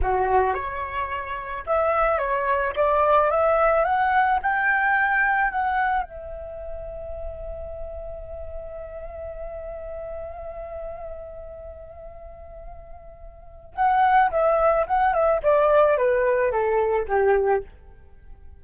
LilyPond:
\new Staff \with { instrumentName = "flute" } { \time 4/4 \tempo 4 = 109 fis'4 cis''2 e''4 | cis''4 d''4 e''4 fis''4 | g''2 fis''4 e''4~ | e''1~ |
e''1~ | e''1~ | e''4 fis''4 e''4 fis''8 e''8 | d''4 b'4 a'4 g'4 | }